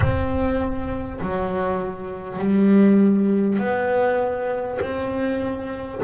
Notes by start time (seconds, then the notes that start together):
0.00 C4
1.21 F#3
2.38 G3
3.58 B3
4.81 C4